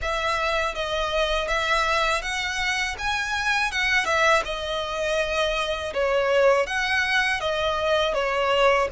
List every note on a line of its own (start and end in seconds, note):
0.01 0.74 E5
0.74 1.47 D#5
1.47 2.22 E5
2.22 2.96 F#5
2.98 3.71 G#5
3.71 4.05 F#5
4.05 4.42 E5
4.44 5.93 D#5
5.93 6.66 C#5
6.66 7.40 F#5
7.40 8.14 D#5
8.14 8.88 C#5